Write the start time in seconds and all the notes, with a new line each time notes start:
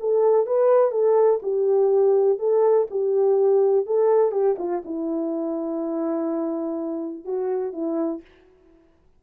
0.00 A4
0.47 B4
0.91 A4
1.43 G4
2.39 A4
2.91 G4
3.86 A4
4.32 G4
4.59 F4
4.85 E4
7.25 F#4
7.73 E4